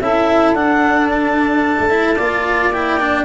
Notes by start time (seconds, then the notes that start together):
0.00 C#4 E4 A4 E5
0.54 D4 F#5
1.09 A5
1.79 A3
1.89 E4
2.15 A#3 F4 D5
2.71 E4 G5
2.99 D4